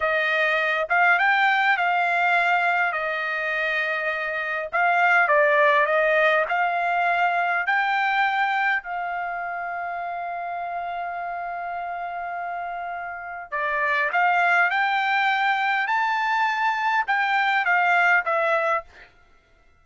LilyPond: \new Staff \with { instrumentName = "trumpet" } { \time 4/4 \tempo 4 = 102 dis''4. f''8 g''4 f''4~ | f''4 dis''2. | f''4 d''4 dis''4 f''4~ | f''4 g''2 f''4~ |
f''1~ | f''2. d''4 | f''4 g''2 a''4~ | a''4 g''4 f''4 e''4 | }